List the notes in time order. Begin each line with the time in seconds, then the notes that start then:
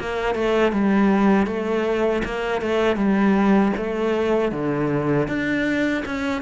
0.00 A#3
0.35 A3
0.72 G3
1.47 A3
2.25 A#3
2.62 A3
2.97 G3
3.77 A3
4.52 D3
5.28 D4
6.06 C#4